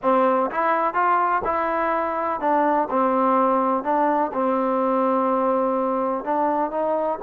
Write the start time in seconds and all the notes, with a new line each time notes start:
0.02 C4
0.51 E4
0.94 F4
1.44 E4
2.40 D4
2.89 C4
3.83 D4
4.33 C4
6.24 D4
6.71 D#4